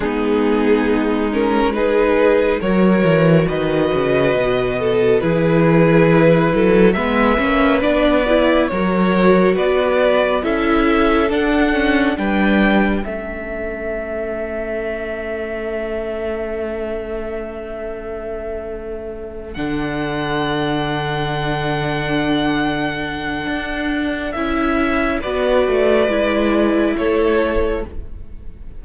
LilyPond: <<
  \new Staff \with { instrumentName = "violin" } { \time 4/4 \tempo 4 = 69 gis'4. ais'8 b'4 cis''4 | dis''2 b'2 | e''4 d''4 cis''4 d''4 | e''4 fis''4 g''4 e''4~ |
e''1~ | e''2~ e''8 fis''4.~ | fis''1 | e''4 d''2 cis''4 | }
  \new Staff \with { instrumentName = "violin" } { \time 4/4 dis'2 gis'4 ais'4 | b'4. a'8 gis'4. a'8 | b'2 ais'4 b'4 | a'2 b'4 a'4~ |
a'1~ | a'1~ | a'1~ | a'4 b'2 a'4 | }
  \new Staff \with { instrumentName = "viola" } { \time 4/4 b4. cis'8 dis'4 fis'4~ | fis'2 e'2 | b8 cis'8 d'8 e'8 fis'2 | e'4 d'8 cis'8 d'4 cis'4~ |
cis'1~ | cis'2~ cis'8 d'4.~ | d'1 | e'4 fis'4 e'2 | }
  \new Staff \with { instrumentName = "cello" } { \time 4/4 gis2. fis8 e8 | dis8 cis8 b,4 e4. fis8 | gis8 ais8 b4 fis4 b4 | cis'4 d'4 g4 a4~ |
a1~ | a2~ a8 d4.~ | d2. d'4 | cis'4 b8 a8 gis4 a4 | }
>>